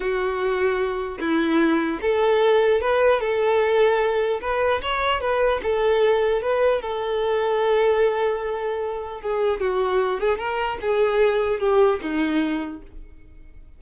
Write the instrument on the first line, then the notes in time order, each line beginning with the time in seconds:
violin
0.00 F#4
1.20 E4
2.01 A4
2.81 B4
3.20 A4
4.41 B4
4.82 C#5
5.20 B4
5.62 A4
6.42 B4
6.81 A4
9.21 G#4
9.60 F#4
10.20 G#4
10.37 A#4
10.81 G#4
11.59 G4
12.01 D#4